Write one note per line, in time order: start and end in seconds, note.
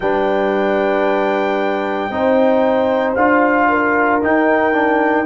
0.00 2.09 G3
0.00 2.11 D4
0.00 2.11 B4
0.00 3.13 G5
2.09 3.14 C4
2.09 3.16 D#4
2.09 3.68 C5
3.14 4.21 D4
3.14 4.21 F4
3.14 4.20 F5
3.68 5.25 A#4
4.21 4.73 D#4
4.21 5.25 D#4
4.21 5.25 G5
4.73 5.25 D4